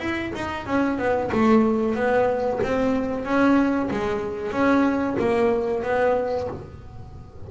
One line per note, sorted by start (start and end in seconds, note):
0.00 0.32 E4
0.35 0.67 D#4
0.67 0.98 C#4
0.98 1.30 B3
1.32 1.95 A3
1.95 2.60 B3
2.63 3.25 C4
3.25 3.90 C#4
3.91 4.52 G#3
4.52 5.16 C#4
5.20 5.83 A#3
5.83 6.48 B3